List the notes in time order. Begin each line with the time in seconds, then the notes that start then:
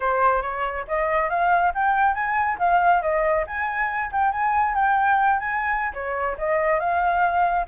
0.00 C5
0.42 C#5
0.87 D#5
1.29 F5
1.74 G5
2.14 G#5
2.58 F5
3.02 D#5
3.46 G#5
4.11 G5
4.32 G#5
4.74 G5
5.39 G#5
5.93 C#5
6.38 D#5
6.79 F5